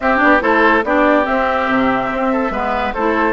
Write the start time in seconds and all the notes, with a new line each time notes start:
0.00 C4 G4 E5
0.16 D4 D5
0.23 B3
0.40 A3 E4 A4 C5
0.84 B3 D4 G4 D5
1.23 C4 E5
1.68 C3
2.11 C4
2.32 A4
2.50 G#3 B3 B4
2.93 A3 E4 A4 C5